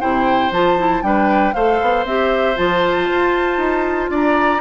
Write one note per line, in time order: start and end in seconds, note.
0.00 0.51 C3
0.00 0.51 E4
0.00 1.03 C5
0.00 0.51 G5
0.51 1.02 F3
0.51 0.78 F4
0.51 1.02 A5
0.78 1.02 E4
1.02 1.54 G3
1.02 1.54 D4
1.02 1.55 B4
1.02 1.53 G5
1.53 1.81 A3
1.53 2.07 A4
1.53 4.11 C5
1.53 2.05 F5
1.82 2.05 B3
2.05 2.56 C4
2.05 2.56 G4
2.05 2.57 E5
2.56 3.09 F3
2.56 4.60 F4
2.56 4.11 A5
3.11 3.57 F4
3.57 4.08 D#4
4.10 4.60 D4
4.10 4.60 D5
4.10 4.60 A#5